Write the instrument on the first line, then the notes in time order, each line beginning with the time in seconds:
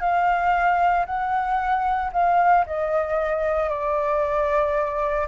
flute
0.00 F5
1.06 F#5
2.12 F5
2.66 D#5
3.69 D5